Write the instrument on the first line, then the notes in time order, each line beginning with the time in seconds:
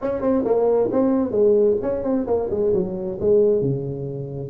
tuba
0.01 C#4
0.21 C4
0.44 A#3
0.91 C4
1.31 G#3
1.81 C#4
2.03 C4
2.26 A#3
2.50 G#3
2.73 F#3
3.20 G#3
3.61 C#3